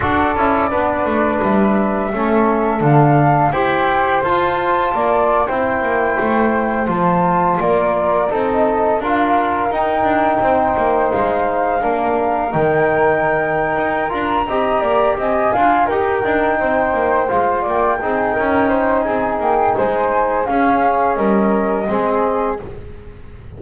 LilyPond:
<<
  \new Staff \with { instrumentName = "flute" } { \time 4/4 \tempo 4 = 85 d''2 e''2 | f''4 g''4 a''4.~ a''16 g''16~ | g''4.~ g''16 a''4 d''4 dis''16~ | dis''8. f''4 g''2 f''16~ |
f''4.~ f''16 g''2~ g''16 | ais''4. gis''4 g''4.~ | g''8 f''8 g''2 gis''8 g''8 | gis''4 f''4 dis''2 | }
  \new Staff \with { instrumentName = "flute" } { \time 4/4 a'4 b'2 a'4~ | a'4 c''2 d''8. c''16~ | c''2~ c''8. ais'4 a'16~ | a'8. ais'2 c''4~ c''16~ |
c''8. ais'2.~ ais'16~ | ais'8 dis''8 d''8 dis''8 f''8 ais'4 c''8~ | c''4 d''8 gis'8 ais'8 c''8 gis'4 | c''4 gis'4 ais'4 gis'4 | }
  \new Staff \with { instrumentName = "trombone" } { \time 4/4 fis'8 e'8 d'2 cis'4 | d'4 g'4 f'4.~ f'16 e'16~ | e'4.~ e'16 f'2 dis'16~ | dis'8. f'4 dis'2~ dis'16~ |
dis'8. d'4 dis'2~ dis'16 | f'8 g'4. f'8 g'8 dis'4~ | dis'8 f'4 dis'2~ dis'8~ | dis'4 cis'2 c'4 | }
  \new Staff \with { instrumentName = "double bass" } { \time 4/4 d'8 cis'8 b8 a8 g4 a4 | d4 e'4 f'4 ais8. c'16~ | c'16 ais8 a4 f4 ais4 c'16~ | c'8. d'4 dis'8 d'8 c'8 ais8 gis16~ |
gis8. ais4 dis4.~ dis16 dis'8 | d'8 c'8 ais8 c'8 d'8 dis'8 d'8 c'8 | ais8 gis8 ais8 c'8 cis'4 c'8 ais8 | gis4 cis'4 g4 gis4 | }
>>